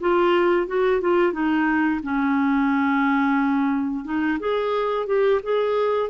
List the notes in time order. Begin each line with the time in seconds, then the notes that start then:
0.00 F4
0.67 F#4
1.01 F4
1.32 D#4
2.03 C#4
4.04 D#4
4.39 G#4
5.06 G4
5.43 G#4